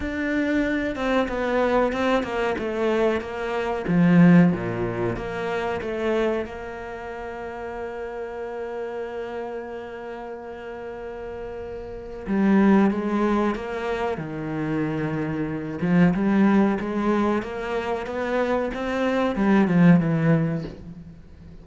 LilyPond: \new Staff \with { instrumentName = "cello" } { \time 4/4 \tempo 4 = 93 d'4. c'8 b4 c'8 ais8 | a4 ais4 f4 ais,4 | ais4 a4 ais2~ | ais1~ |
ais2. g4 | gis4 ais4 dis2~ | dis8 f8 g4 gis4 ais4 | b4 c'4 g8 f8 e4 | }